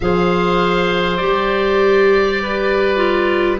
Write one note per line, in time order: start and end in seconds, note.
0.00 1.20 F3
0.00 1.20 G#4
0.00 2.42 C5
0.00 1.17 F5
1.17 3.59 G3
1.17 2.96 G4
1.17 3.57 D5
2.42 3.59 B4
2.96 3.56 F4